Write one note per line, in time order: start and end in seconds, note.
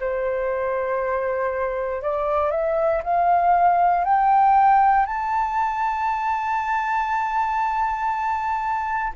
0.00 2.02 C5
2.02 2.51 D5
2.51 3.01 E5
3.03 4.04 F5
4.04 5.06 G5
5.06 9.12 A5